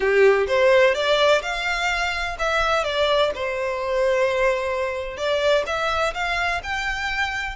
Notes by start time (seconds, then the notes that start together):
0.00 G4
0.47 C5
0.94 D5
1.42 F5
2.39 E5
2.84 D5
3.34 C5
5.17 D5
5.66 E5
6.14 F5
6.63 G5